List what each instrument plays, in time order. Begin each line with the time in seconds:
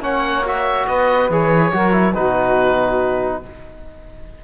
0.00 cello A#3, trombone C#4, saxophone C#5, oboe F#5
0.46 trombone F#4, oboe E5
0.87 cello B3, saxophone B4, oboe D#5
1.30 cello E3, trombone G#4, oboe C#5
1.73 cello F#3, trombone F#4, saxophone A#4
1.92 trombone E4
2.15 cello B2, trombone D#4, saxophone F#4, oboe B4